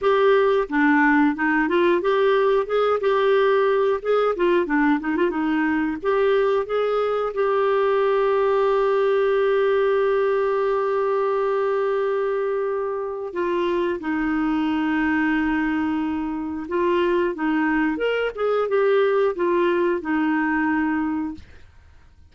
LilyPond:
\new Staff \with { instrumentName = "clarinet" } { \time 4/4 \tempo 4 = 90 g'4 d'4 dis'8 f'8 g'4 | gis'8 g'4. gis'8 f'8 d'8 dis'16 f'16 | dis'4 g'4 gis'4 g'4~ | g'1~ |
g'1 | f'4 dis'2.~ | dis'4 f'4 dis'4 ais'8 gis'8 | g'4 f'4 dis'2 | }